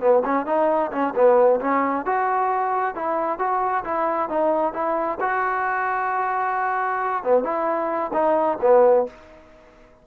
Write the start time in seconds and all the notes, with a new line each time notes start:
0.00 B3
0.24 C#4
0.46 D#4
0.91 C#4
1.15 B3
1.60 C#4
2.05 F#4
2.95 E4
3.39 F#4
3.84 E4
4.29 D#4
4.73 E4
5.20 F#4
7.23 B3
7.43 E4
8.13 D#4
8.61 B3